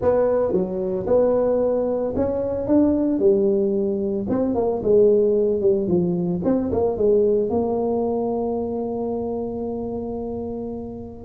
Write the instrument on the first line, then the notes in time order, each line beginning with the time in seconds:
tuba
0.01 B3
0.52 F#3
1.06 B3
2.16 C#4
2.67 D4
3.19 G3
4.29 C4
4.54 A#3
4.82 G#3
5.60 G3
5.87 F3
6.44 C4
6.71 A#3
6.97 G#3
7.49 A#3